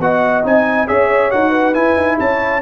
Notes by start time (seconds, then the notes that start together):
0.00 B3 F#4 D#5 F#5
0.44 C4 D#4 G#5
0.88 C#4 G#4 C#5 E5
1.31 D#4 F#4 F#5
1.50 B4
1.74 E4 G#5
1.97 D#4
2.20 C#4 C#5 A5